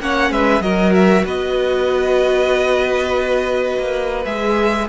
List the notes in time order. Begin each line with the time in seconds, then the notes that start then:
0.00 A#3 C#4 C#5 F#5
0.30 G#3 B4 E5
0.60 F#3 F#4 A#4 D#5
0.94 E5
1.24 B3 B4 D#5
3.78 A#3
4.25 G#3 G#4 E5